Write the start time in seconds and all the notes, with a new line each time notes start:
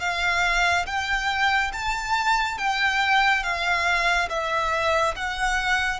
0.00 F5
0.86 G5
1.73 A5
2.58 G5
3.43 F5
4.29 E5
5.15 F#5